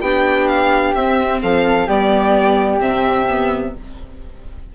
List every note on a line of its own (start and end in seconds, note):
0.00 0.93 B3
0.00 0.96 D4
0.00 1.40 G4
0.00 0.47 G5
0.47 0.94 F5
0.94 1.41 C4
0.94 1.87 C4
0.94 1.40 E5
1.42 1.87 F3
1.42 1.86 A4
1.42 1.88 F5
1.86 2.81 G3
1.86 2.79 B3
1.86 3.72 G4
1.86 2.81 D5
2.79 3.74 C3
2.79 3.26 C4
2.79 3.74 E5
3.28 3.75 B3